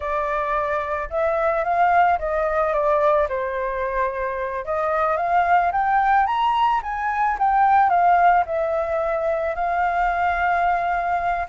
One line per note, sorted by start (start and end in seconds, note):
0.00 1.09 D5
1.10 1.63 E5
1.63 2.18 F5
2.18 2.73 D#5
2.73 3.27 D5
3.29 4.65 C5
4.65 5.16 D#5
5.16 5.71 F5
5.71 6.26 G5
6.26 6.81 A#5
6.83 7.37 G#5
7.39 7.89 G5
7.89 8.44 F5
8.46 9.55 E5
9.55 11.46 F5